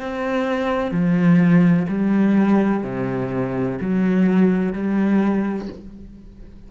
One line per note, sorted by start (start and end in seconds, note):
0.00 0.91 C4
0.91 1.86 F3
1.88 2.84 G3
2.84 3.79 C3
3.81 4.73 F#3
4.73 5.68 G3